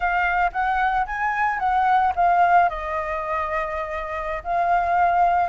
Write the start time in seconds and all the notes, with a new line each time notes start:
0.00 F5
0.52 F#5
1.06 G#5
1.59 F#5
2.15 F5
2.69 D#5
4.43 F5